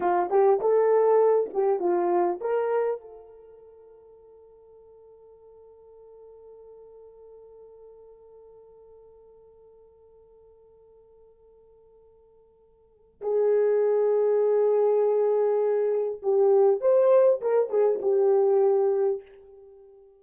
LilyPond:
\new Staff \with { instrumentName = "horn" } { \time 4/4 \tempo 4 = 100 f'8 g'8 a'4. g'8 f'4 | ais'4 a'2.~ | a'1~ | a'1~ |
a'1~ | a'2 gis'2~ | gis'2. g'4 | c''4 ais'8 gis'8 g'2 | }